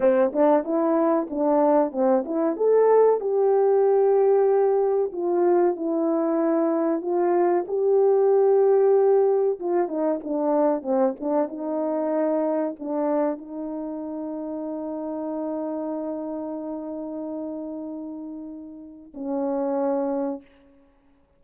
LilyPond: \new Staff \with { instrumentName = "horn" } { \time 4/4 \tempo 4 = 94 c'8 d'8 e'4 d'4 c'8 e'8 | a'4 g'2. | f'4 e'2 f'4 | g'2. f'8 dis'8 |
d'4 c'8 d'8 dis'2 | d'4 dis'2.~ | dis'1~ | dis'2 cis'2 | }